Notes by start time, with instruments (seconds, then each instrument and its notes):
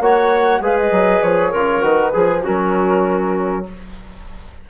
0.00 bassoon A#3, trombone F#4, clarinet C#5, flute F#5
0.60 bassoon G#3, trombone G#4, clarinet B4, flute F5
0.80 flute D#5
0.92 bassoon F#3
1.23 bassoon F3, flute C#5
1.51 bassoon C#3, trombone F4, clarinet A#4
1.81 bassoon D#3, trombone F#4, flute B4
2.13 bassoon F3, clarinet G#4, trombone G#4
2.42 trombone C#4, clarinet F#4, flute A#4
2.48 bassoon F#3